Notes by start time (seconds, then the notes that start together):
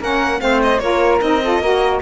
0.00 A#3 C#4 A#4 F#5
0.40 A3 C4 C5 F5
0.62 D#5
0.79 A#3 F4 A#4 C#5
1.21 C4 D#4 D#5
1.43 F4 A4
1.59 A#3 F#4 A#4